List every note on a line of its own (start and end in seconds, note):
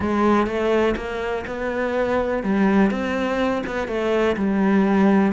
0.00 0.46 G#3
0.46 0.95 A3
0.96 1.45 A#3
1.46 2.43 B3
2.43 2.90 G3
2.90 3.63 C4
3.66 3.87 B3
3.87 4.35 A3
4.36 5.32 G3